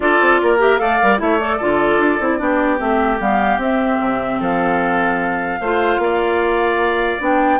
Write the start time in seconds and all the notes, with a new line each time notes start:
0.00 D4 F4 A4 D5
0.20 C4
0.41 A#3 A#4
0.58 G4 E5
0.78 A3 A4 D5 F5
1.02 G3 A#4
1.18 A3 E4 C#5 E5
1.39 A4 D5
1.57 D3 F4 A4
1.98 D4
2.20 C4 E4
2.38 B3 D4 G4
2.78 A3 C4 E5
3.19 G3 B3 F5
3.57 C4 E5
4.00 C3
4.39 F3 A4 F5
5.60 A3 F4 C5
5.98 A#3 D5
7.19 B3 D4 G5